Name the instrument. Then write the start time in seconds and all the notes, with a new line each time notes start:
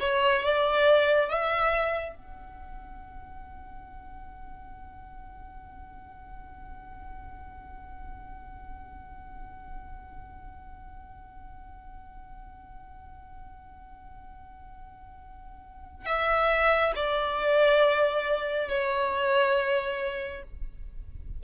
violin
0.00 C#5
0.43 D5
1.30 E5
2.16 F#5
16.06 E5
16.96 D5
18.70 C#5